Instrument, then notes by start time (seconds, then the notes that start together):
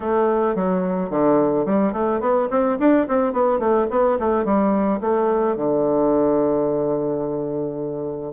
bassoon
0.00 A3
0.55 F#3
1.10 D3
1.65 G3
1.92 A3
2.20 B3
2.50 C4
2.79 D4
3.08 C4
3.32 B3
3.59 A3
3.90 B3
4.19 A3
4.44 G3
5.01 A3
5.56 D3